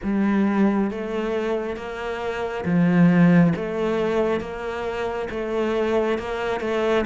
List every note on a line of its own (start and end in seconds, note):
0.03 0.91 G3
0.91 1.76 A3
1.76 2.64 A#3
2.65 3.53 F3
3.55 4.40 A3
4.40 5.28 A#3
5.30 6.18 A3
6.18 6.60 A#3
6.60 7.04 A3